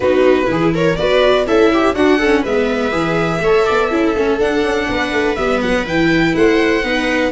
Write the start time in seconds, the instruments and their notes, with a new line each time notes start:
0.00 tuba B3, viola D#4 F#4, violin B4
0.45 tuba E3, viola E4 G#4
0.74 viola A#4, violin C#5
0.96 tuba B3, viola F#4 B4, violin D5
1.46 tuba C#4, viola E4 A4, violin E5
1.73 viola G4
1.94 tuba D4, viola D4 F#4, violin F#5
2.18 viola C#4 A4
2.41 tuba G#3, viola B3 B4, violin E5
2.91 tuba E3, viola G#4
3.40 tuba A3, viola A4 C#5
3.65 tuba B3, viola D5
3.88 tuba C#4, viola E4 A4
4.15 tuba A3, viola C#4
4.39 viola D4, tuba D4, violin F#5
4.63 tuba C#4
4.88 tuba B3, viola B4
5.11 tuba A3
5.35 tuba G3, viola B3, violin E5
5.61 tuba F#3, violin F#5
5.84 tuba E3, viola E4, violin G5
6.35 tuba A3, viola C5, violin F#5
6.83 tuba B3, viola D#4 B4